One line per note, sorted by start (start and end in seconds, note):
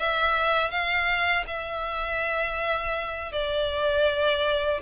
0.00 0.71 E5
0.71 1.45 F5
1.47 3.33 E5
3.33 4.81 D5